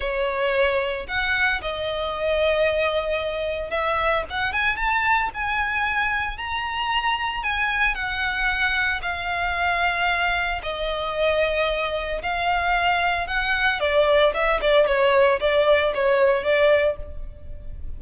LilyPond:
\new Staff \with { instrumentName = "violin" } { \time 4/4 \tempo 4 = 113 cis''2 fis''4 dis''4~ | dis''2. e''4 | fis''8 gis''8 a''4 gis''2 | ais''2 gis''4 fis''4~ |
fis''4 f''2. | dis''2. f''4~ | f''4 fis''4 d''4 e''8 d''8 | cis''4 d''4 cis''4 d''4 | }